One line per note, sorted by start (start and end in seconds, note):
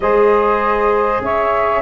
0.00 1.21 G#3
0.00 1.82 G#4
0.00 1.23 C5
0.00 1.21 D#5
1.21 1.82 C#4
1.21 1.82 C#5
1.21 1.82 E5